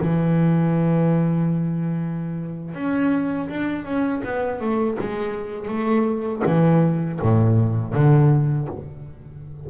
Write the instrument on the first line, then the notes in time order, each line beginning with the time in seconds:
double bass
0.00 E3
2.74 C#4
3.48 D4
3.84 C#4
4.24 B3
4.60 A3
5.00 G#3
5.68 A3
6.45 E3
7.21 A2
7.94 D3